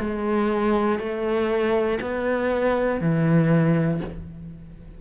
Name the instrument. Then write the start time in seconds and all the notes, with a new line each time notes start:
cello
0.00 G#3
0.99 A3
2.02 B3
3.01 E3